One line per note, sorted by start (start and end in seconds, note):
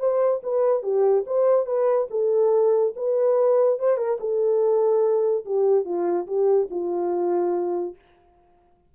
0.00 0.42 C5
0.43 0.83 B4
0.83 1.25 G4
1.27 1.66 C5
1.66 2.08 B4
2.11 2.94 A4
2.96 3.80 B4
3.80 3.98 C5
3.98 4.19 A#4
4.20 5.45 A4
5.46 5.85 G4
5.85 6.27 F4
6.27 6.69 G4
6.71 7.96 F4